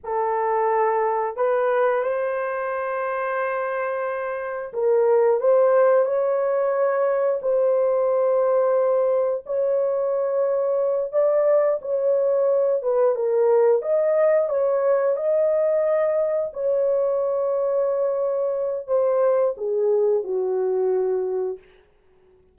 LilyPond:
\new Staff \with { instrumentName = "horn" } { \time 4/4 \tempo 4 = 89 a'2 b'4 c''4~ | c''2. ais'4 | c''4 cis''2 c''4~ | c''2 cis''2~ |
cis''8 d''4 cis''4. b'8 ais'8~ | ais'8 dis''4 cis''4 dis''4.~ | dis''8 cis''2.~ cis''8 | c''4 gis'4 fis'2 | }